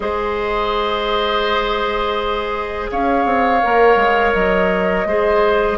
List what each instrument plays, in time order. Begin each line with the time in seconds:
0.00 bassoon G#3, clarinet G#4, oboe C5, flute D#5
2.91 bassoon C#4, oboe C#5, flute F5
3.25 bassoon C4
3.61 bassoon A#3, clarinet A#4
3.96 bassoon G#3
4.33 bassoon F#3, flute D#5
5.05 bassoon G#3, clarinet G#4, oboe C5